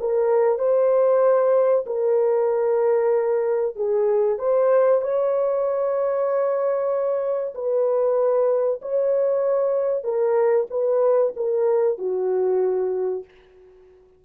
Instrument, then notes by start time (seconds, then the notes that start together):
horn
0.00 A#4
0.59 C5
1.86 A#4
3.76 G#4
4.39 C5
5.02 C#5
7.54 B4
8.82 C#5
10.04 A#4
10.70 B4
11.36 A#4
11.98 F#4